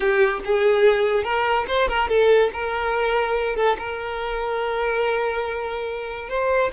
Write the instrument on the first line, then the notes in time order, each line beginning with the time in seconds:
violin
0.00 G4
0.44 G#4
1.23 A#4
1.67 C5
1.88 A#4
2.08 A4
2.53 A#4
3.55 A4
3.78 A#4
6.29 C5